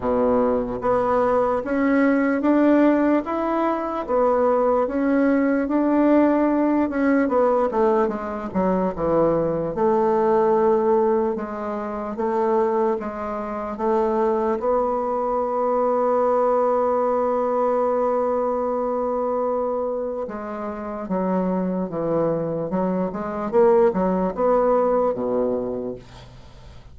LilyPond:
\new Staff \with { instrumentName = "bassoon" } { \time 4/4 \tempo 4 = 74 b,4 b4 cis'4 d'4 | e'4 b4 cis'4 d'4~ | d'8 cis'8 b8 a8 gis8 fis8 e4 | a2 gis4 a4 |
gis4 a4 b2~ | b1~ | b4 gis4 fis4 e4 | fis8 gis8 ais8 fis8 b4 b,4 | }